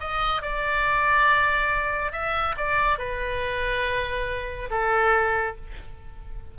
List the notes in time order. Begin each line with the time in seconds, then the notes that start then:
0.00 D#5
0.42 D5
2.12 E5
2.57 D5
2.98 B4
4.70 A4